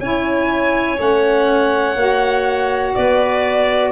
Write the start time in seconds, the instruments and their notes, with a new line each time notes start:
0.00 tuba C#4, saxophone E4, clarinet C#5, violin G#5
0.96 tuba A3, saxophone C#4, violin F#5
1.95 tuba A#3, saxophone F#4
2.95 tuba B3, clarinet B4, violin D5